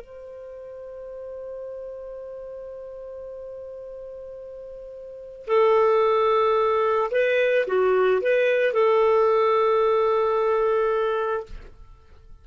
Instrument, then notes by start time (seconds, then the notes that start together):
clarinet
0.00 C5
5.46 A4
7.11 B4
7.67 F#4
8.21 B4
8.73 A4